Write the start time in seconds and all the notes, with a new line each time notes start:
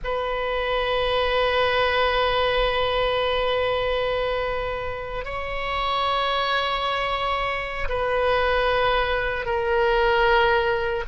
0.03 B4
5.24 C#5
7.89 B4
9.45 A#4